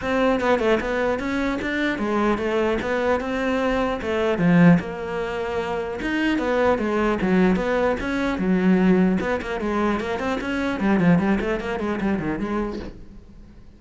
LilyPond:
\new Staff \with { instrumentName = "cello" } { \time 4/4 \tempo 4 = 150 c'4 b8 a8 b4 cis'4 | d'4 gis4 a4 b4 | c'2 a4 f4 | ais2. dis'4 |
b4 gis4 fis4 b4 | cis'4 fis2 b8 ais8 | gis4 ais8 c'8 cis'4 g8 f8 | g8 a8 ais8 gis8 g8 dis8 gis4 | }